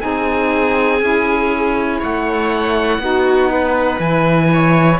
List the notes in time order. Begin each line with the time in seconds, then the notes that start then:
0.00 C4 D#4 G#4 G#5
1.01 C#4 E4
2.00 A3 C#5 F#5
2.99 B3 D#4 F#4
3.50 B4
4.00 E3 E4 G#5
4.53 C#5